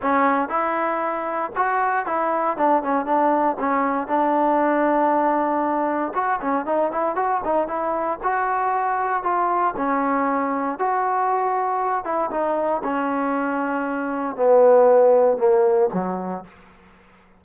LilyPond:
\new Staff \with { instrumentName = "trombone" } { \time 4/4 \tempo 4 = 117 cis'4 e'2 fis'4 | e'4 d'8 cis'8 d'4 cis'4 | d'1 | fis'8 cis'8 dis'8 e'8 fis'8 dis'8 e'4 |
fis'2 f'4 cis'4~ | cis'4 fis'2~ fis'8 e'8 | dis'4 cis'2. | b2 ais4 fis4 | }